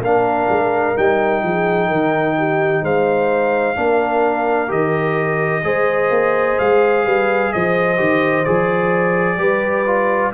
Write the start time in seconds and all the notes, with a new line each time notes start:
0.00 A#3 D4 A#4 F5
0.49 G#3
0.96 G3 D#4 G5
1.43 F3 G#4
1.88 D#3 A#4
2.38 G4
2.83 G#3 C5 F5
3.76 A#3 D4 A#4
4.68 D#3 G4 D#5
5.64 G#3 G#4 C5
6.10 A#3
6.59 G#3 F5
7.05 G3 B4
7.53 F3 C5 D#5
7.97 D#3 G4
8.45 F3 G#4 D5
9.38 G3 G4 B4
9.86 F4